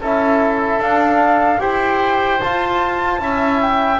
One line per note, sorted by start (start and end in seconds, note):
0.00 0.78 C#4
0.00 0.81 E4
0.00 1.60 A4
0.00 0.81 E5
0.78 1.58 D4
0.78 1.59 D4
0.78 1.60 F5
1.59 2.40 E4
1.59 2.39 G4
1.59 3.21 C5
1.59 2.40 G5
2.40 3.20 F4
2.40 3.19 F4
2.40 3.60 A5
3.19 4.00 C#4
3.19 3.99 E4
3.19 4.00 E5
3.61 4.00 G5